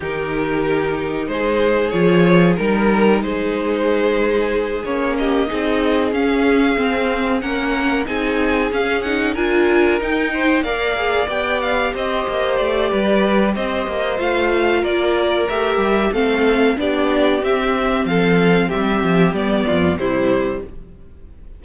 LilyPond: <<
  \new Staff \with { instrumentName = "violin" } { \time 4/4 \tempo 4 = 93 ais'2 c''4 cis''4 | ais'4 c''2~ c''8 cis''8 | dis''4. f''2 fis''8~ | fis''8 gis''4 f''8 fis''8 gis''4 g''8~ |
g''8 f''4 g''8 f''8 dis''4 d''8~ | d''4 dis''4 f''4 d''4 | e''4 f''4 d''4 e''4 | f''4 e''4 d''4 c''4 | }
  \new Staff \with { instrumentName = "violin" } { \time 4/4 g'2 gis'2 | ais'4 gis'2. | g'8 gis'2. ais'8~ | ais'8 gis'2 ais'4. |
c''8 d''2 c''4. | b'4 c''2 ais'4~ | ais'4 a'4 g'2 | a'4 g'4. f'8 e'4 | }
  \new Staff \with { instrumentName = "viola" } { \time 4/4 dis'2. f'4 | dis'2.~ dis'8 cis'8~ | cis'8 dis'4 cis'4 c'4 cis'8~ | cis'8 dis'4 cis'8 dis'8 f'4 dis'8~ |
dis'8 ais'8 gis'8 g'2~ g'8~ | g'2 f'2 | g'4 c'4 d'4 c'4~ | c'2 b4 g4 | }
  \new Staff \with { instrumentName = "cello" } { \time 4/4 dis2 gis4 f4 | g4 gis2~ gis8 ais8~ | ais8 c'4 cis'4 c'4 ais8~ | ais8 c'4 cis'4 d'4 dis'8~ |
dis'8 ais4 b4 c'8 ais8 a8 | g4 c'8 ais8 a4 ais4 | a8 g8 a4 b4 c'4 | f4 g8 f8 g8 f,8 c4 | }
>>